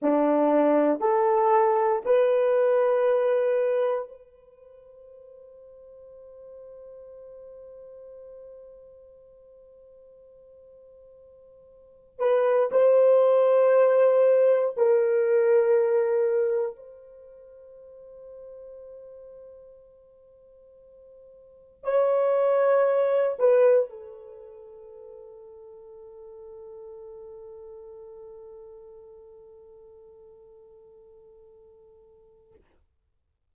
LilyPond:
\new Staff \with { instrumentName = "horn" } { \time 4/4 \tempo 4 = 59 d'4 a'4 b'2 | c''1~ | c''1 | b'8 c''2 ais'4.~ |
ais'8 c''2.~ c''8~ | c''4. cis''4. b'8 a'8~ | a'1~ | a'1 | }